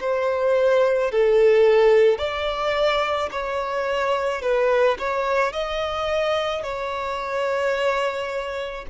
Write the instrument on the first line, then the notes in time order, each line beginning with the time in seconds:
violin
0.00 C5
1.11 A4
2.18 D5
3.31 C#5
4.41 B4
4.98 C#5
5.52 D#5
6.63 C#5